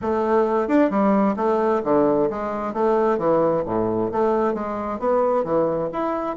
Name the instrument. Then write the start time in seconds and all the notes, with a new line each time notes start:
bassoon
0.01 A3
0.68 D4
0.89 G3
1.36 A3
1.84 D3
2.30 G#3
2.73 A3
3.17 E3
3.65 A2
4.11 A3
4.54 G#3
4.99 B3
5.44 E3
5.92 E4